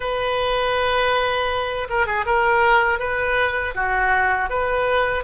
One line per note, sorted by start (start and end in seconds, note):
0.00 1.88 B4
1.90 2.06 A#4
2.06 2.25 G#4
2.25 2.99 A#4
2.99 3.74 B4
3.74 4.49 F#4
4.49 5.23 B4